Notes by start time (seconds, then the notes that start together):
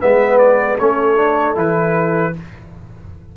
0.00 G#3 B3 B4 E5
0.38 D5
0.79 A3 C#4 A4 C#5
1.16 D4
1.55 E3 E4 B4